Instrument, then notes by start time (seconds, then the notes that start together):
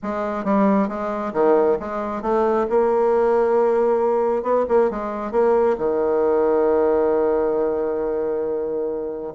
bassoon
0.02 G#3
0.44 G3
0.88 G#3
1.33 D#3
1.79 G#3
2.22 A3
2.69 A#3
4.43 B3
4.68 A#3
4.90 G#3
5.31 A#3
5.78 D#3